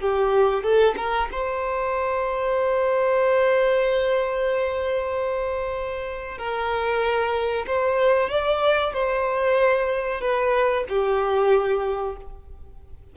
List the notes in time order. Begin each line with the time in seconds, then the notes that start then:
0.00 G4
0.63 A4
0.97 A#4
1.32 C5
6.38 A#4
7.67 C5
8.30 D5
8.93 C5
10.21 B4
10.89 G4